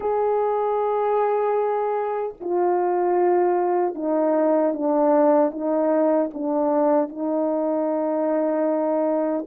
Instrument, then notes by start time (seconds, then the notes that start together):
horn
0.00 G#4
2.40 F4
3.94 D#4
4.73 D4
5.51 D#4
6.33 D4
7.08 D#4